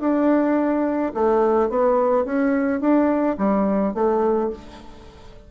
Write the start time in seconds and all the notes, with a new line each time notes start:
0.00 D4
1.14 A3
1.69 B3
2.25 C#4
2.80 D4
3.38 G3
3.94 A3